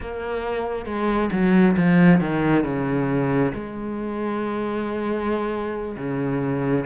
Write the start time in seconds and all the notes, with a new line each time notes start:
0.00 A#3
0.85 G#3
1.32 F#3
1.76 F3
2.20 D#3
2.64 C#3
3.53 G#3
5.97 C#3